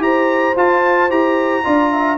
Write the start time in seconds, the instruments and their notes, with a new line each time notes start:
0.00 tuba E4, trombone G4, horn C5, trumpet A#5
0.56 tuba F4, trombone F4, trumpet A5
1.10 tuba E4, trombone G4, trumpet A#5
1.64 tuba D4, trombone F4, horn D5
1.93 horn E5